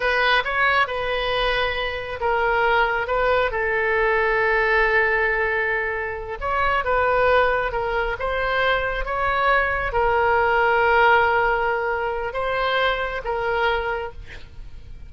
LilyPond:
\new Staff \with { instrumentName = "oboe" } { \time 4/4 \tempo 4 = 136 b'4 cis''4 b'2~ | b'4 ais'2 b'4 | a'1~ | a'2~ a'8 cis''4 b'8~ |
b'4. ais'4 c''4.~ | c''8 cis''2 ais'4.~ | ais'1 | c''2 ais'2 | }